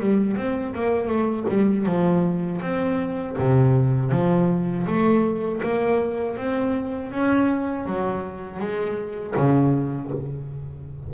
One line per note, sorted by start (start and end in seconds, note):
0.00 0.36 G3
0.36 0.74 C4
0.75 1.08 A#3
1.08 1.45 A3
1.49 1.86 G3
1.86 2.61 F3
2.61 3.36 C4
3.39 4.11 C3
4.11 4.86 F3
4.86 5.61 A3
5.63 6.37 A#3
6.37 7.11 C4
7.11 7.86 C#4
7.86 8.59 F#3
8.59 9.34 G#3
9.36 10.11 C#3